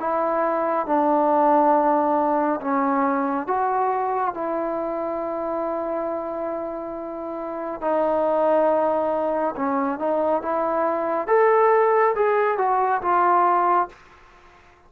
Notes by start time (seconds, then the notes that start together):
0.00 E4
0.86 D4
2.61 C#4
3.47 F#4
4.34 E4
7.81 D#4
9.56 C#4
9.99 D#4
10.42 E4
11.28 A4
12.15 G#4
12.58 F#4
13.02 F4